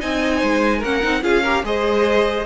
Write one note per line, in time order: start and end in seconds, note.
0.00 0.43 C4
0.00 0.82 D#4
0.00 0.39 D#5
0.00 0.83 G#5
0.39 0.83 G#3
0.39 0.79 C5
0.79 1.04 A#3
0.79 1.03 C#4
0.79 1.20 A#4
0.79 1.24 F#5
1.03 1.24 C4
1.03 1.23 D#4
1.23 1.63 C#4
1.23 1.43 F4
1.23 1.43 G#4
1.23 1.65 F5
1.43 1.65 G4
1.43 1.63 A#4
1.63 2.46 G#3
1.63 2.46 G#4
1.63 2.46 C5
1.63 2.46 D#5